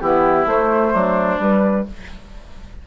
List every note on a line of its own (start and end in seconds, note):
0.00 0.45 E3
0.00 0.47 B3
0.00 0.93 E4
0.00 0.47 G4
0.45 0.92 A3
0.45 1.40 A3
0.45 1.41 C5
0.93 1.38 F#3
0.93 1.86 D4
1.38 1.85 G3
1.38 1.87 G3
1.38 1.87 B4